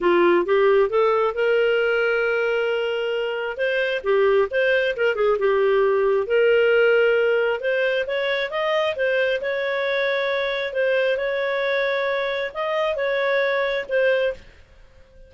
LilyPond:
\new Staff \with { instrumentName = "clarinet" } { \time 4/4 \tempo 4 = 134 f'4 g'4 a'4 ais'4~ | ais'1 | c''4 g'4 c''4 ais'8 gis'8 | g'2 ais'2~ |
ais'4 c''4 cis''4 dis''4 | c''4 cis''2. | c''4 cis''2. | dis''4 cis''2 c''4 | }